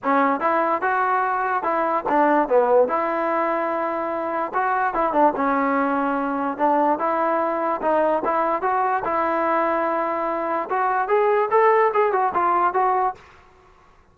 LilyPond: \new Staff \with { instrumentName = "trombone" } { \time 4/4 \tempo 4 = 146 cis'4 e'4 fis'2 | e'4 d'4 b4 e'4~ | e'2. fis'4 | e'8 d'8 cis'2. |
d'4 e'2 dis'4 | e'4 fis'4 e'2~ | e'2 fis'4 gis'4 | a'4 gis'8 fis'8 f'4 fis'4 | }